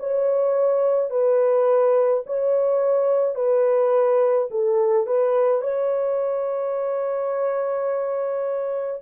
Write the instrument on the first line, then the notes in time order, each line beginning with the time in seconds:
horn
0.00 C#5
1.11 B4
2.26 C#5
3.36 B4
4.51 A4
5.07 B4
5.62 C#5